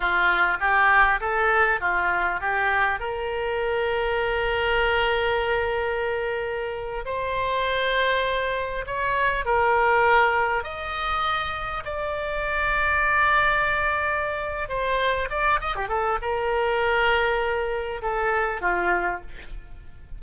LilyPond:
\new Staff \with { instrumentName = "oboe" } { \time 4/4 \tempo 4 = 100 f'4 g'4 a'4 f'4 | g'4 ais'2.~ | ais'2.~ ais'8. c''16~ | c''2~ c''8. cis''4 ais'16~ |
ais'4.~ ais'16 dis''2 d''16~ | d''1~ | d''8 c''4 d''8 dis''16 g'16 a'8 ais'4~ | ais'2 a'4 f'4 | }